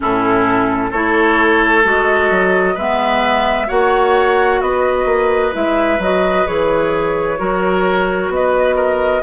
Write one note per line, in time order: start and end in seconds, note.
0.00 0.92 A2
0.00 0.92 C#4
0.00 0.90 E4
0.00 0.91 A4
0.90 1.84 A3
0.90 1.83 E4
0.90 2.74 A4
0.90 1.83 C#5
1.83 2.30 G#3
1.83 2.76 F#4
1.83 2.77 D#5
2.30 2.76 F#3
2.74 3.69 G#3
2.74 3.67 B3
2.74 3.66 B4
2.74 3.69 E5
3.67 4.61 A#3
3.67 5.52 F#4
3.67 4.59 C#5
3.67 4.61 F#5
4.61 5.05 B3
4.61 7.39 B4
4.61 5.53 D#5
5.05 5.51 A#3
5.52 5.98 G#3
5.52 5.98 E4
5.52 6.01 E5
5.98 6.45 F#3
5.98 6.46 F#4
5.98 6.46 D#5
6.46 7.39 E3
6.46 7.37 G#4
6.46 8.31 C#5
7.37 8.28 F#3
7.37 9.22 F#4
7.37 8.31 A#4
8.28 9.21 B3
8.28 9.22 D#5
8.35 8.75 B4
8.75 9.22 A#4